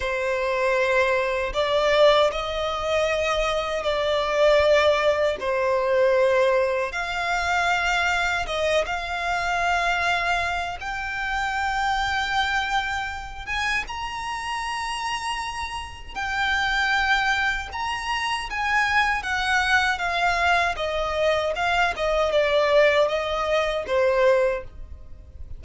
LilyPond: \new Staff \with { instrumentName = "violin" } { \time 4/4 \tempo 4 = 78 c''2 d''4 dis''4~ | dis''4 d''2 c''4~ | c''4 f''2 dis''8 f''8~ | f''2 g''2~ |
g''4. gis''8 ais''2~ | ais''4 g''2 ais''4 | gis''4 fis''4 f''4 dis''4 | f''8 dis''8 d''4 dis''4 c''4 | }